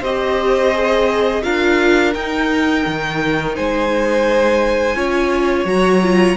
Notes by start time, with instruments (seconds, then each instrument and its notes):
0.00 cello C4, viola G4, violin C5 D#5
0.73 viola G#4
1.42 cello D4, viola F4, violin A#4 F5
2.14 cello D#4, viola D#4, violin G5
2.86 cello D#3
3.56 cello G#3, violin C5 G#5
4.95 cello C#4, viola F4, violin C#5
5.65 cello F#3, viola F#4, violin A#5
6.02 viola F4